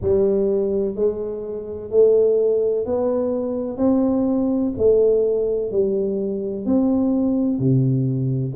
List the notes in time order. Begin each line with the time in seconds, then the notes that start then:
0.01 G3
0.95 G#3
1.90 A3
2.85 B3
3.77 C4
4.77 A3
5.71 G3
6.65 C4
7.59 C3